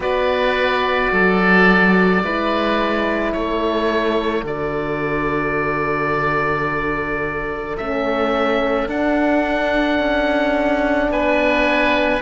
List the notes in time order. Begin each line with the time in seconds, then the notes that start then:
0.00 B3 F#4 B4 D5
1.12 F#3 A4
2.22 G#3 E4 B4
3.32 A3 A4 C#5
4.43 D3 F#4 D5
7.77 A3 C#4 E5
8.87 D4 F#5
9.99 C#4
11.10 B3 B4 G#5